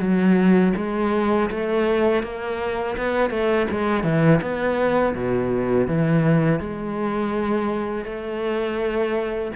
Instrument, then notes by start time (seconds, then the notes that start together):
cello
0.00 F#3
0.76 G#3
1.50 A3
2.23 A#3
2.97 B3
3.30 A3
3.71 G#3
4.03 E3
4.41 B3
5.15 B2
5.87 E3
6.60 G#3
8.05 A3